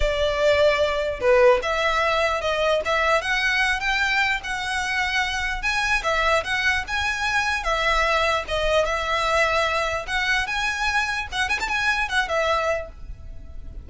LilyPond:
\new Staff \with { instrumentName = "violin" } { \time 4/4 \tempo 4 = 149 d''2. b'4 | e''2 dis''4 e''4 | fis''4. g''4. fis''4~ | fis''2 gis''4 e''4 |
fis''4 gis''2 e''4~ | e''4 dis''4 e''2~ | e''4 fis''4 gis''2 | fis''8 gis''16 a''16 gis''4 fis''8 e''4. | }